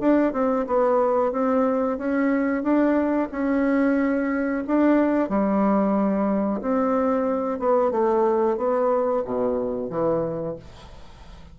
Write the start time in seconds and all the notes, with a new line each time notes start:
0.00 D4
0.33 C4
0.67 B3
1.32 C4
1.98 C#4
2.63 D4
3.32 C#4
4.68 D4
5.29 G3
6.61 C4
7.59 B3
7.92 A3
8.57 B3
9.25 B2
9.90 E3